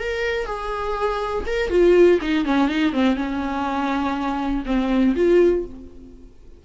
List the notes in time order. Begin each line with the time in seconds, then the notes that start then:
0.00 A#4
0.46 G#4
1.47 A#4
1.71 F4
2.22 D#4
2.46 C#4
2.69 D#4
2.93 C4
3.17 C#4
4.66 C4
5.16 F4